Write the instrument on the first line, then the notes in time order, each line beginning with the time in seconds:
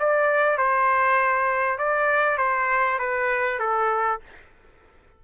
trumpet
0.00 D5
0.58 C5
1.79 D5
2.38 C5
2.99 B4
3.59 A4